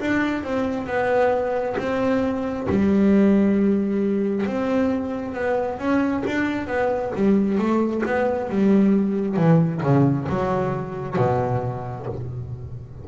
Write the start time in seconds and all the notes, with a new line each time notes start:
0.00 D4
0.44 C4
0.87 B3
1.78 C4
2.70 G3
4.46 C4
5.34 B3
5.79 C#4
6.26 D4
6.68 B3
7.15 G3
7.58 A3
8.06 B3
8.50 G3
9.37 E3
9.83 C#3
10.29 F#3
11.17 B2